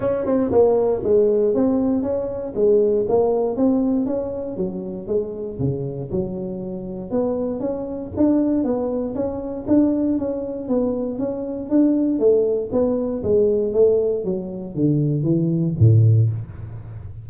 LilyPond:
\new Staff \with { instrumentName = "tuba" } { \time 4/4 \tempo 4 = 118 cis'8 c'8 ais4 gis4 c'4 | cis'4 gis4 ais4 c'4 | cis'4 fis4 gis4 cis4 | fis2 b4 cis'4 |
d'4 b4 cis'4 d'4 | cis'4 b4 cis'4 d'4 | a4 b4 gis4 a4 | fis4 d4 e4 a,4 | }